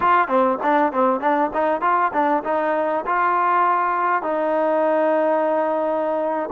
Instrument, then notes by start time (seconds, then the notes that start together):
trombone
0.00 F4
0.28 C4
0.62 D4
0.92 C4
1.20 D4
1.53 D#4
1.81 F4
2.13 D4
2.44 D#4
3.06 F4
4.22 D#4